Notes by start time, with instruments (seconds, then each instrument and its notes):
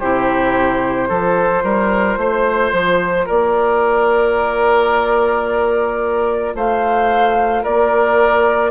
0.00 bassoon C3, clarinet E4, oboe G4, flute C5
1.09 bassoon F3, clarinet F4, oboe A4
1.64 bassoon G3, oboe A#4
2.17 bassoon A3, oboe C5
2.73 bassoon F3
3.26 bassoon A#3, oboe A#4, flute D5
6.55 bassoon A3, oboe C5, flute F5
7.63 bassoon A#3, oboe A#4, flute D5